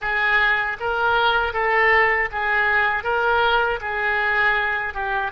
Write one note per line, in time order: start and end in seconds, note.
0.01 0.77 G#4
0.79 1.53 A#4
1.53 2.29 A4
2.31 3.03 G#4
3.03 3.79 A#4
3.80 4.94 G#4
4.94 5.31 G4